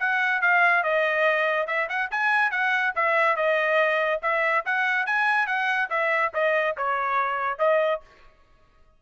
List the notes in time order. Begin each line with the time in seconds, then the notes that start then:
0.00 F#5
0.42 F5
0.84 D#5
1.68 E5
1.89 F#5
2.11 G#5
2.52 F#5
2.96 E5
3.36 D#5
4.23 E5
4.66 F#5
5.07 G#5
5.47 F#5
5.91 E5
6.34 D#5
6.77 C#5
7.59 D#5